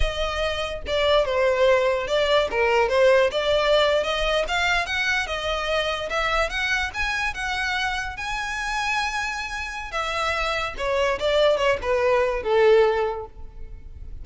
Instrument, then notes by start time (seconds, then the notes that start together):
violin
0.00 D#5
0.87 D5
1.25 C5
2.07 D5
2.51 A#4
2.89 C5
3.31 D5
4.03 D#5
4.48 F5
4.86 F#5
5.26 D#5
6.09 E5
6.49 F#5
6.93 G#5
7.34 F#5
8.16 G#5
9.91 E5
10.77 C#5
11.19 D5
11.57 C#5
11.82 B4
12.43 A4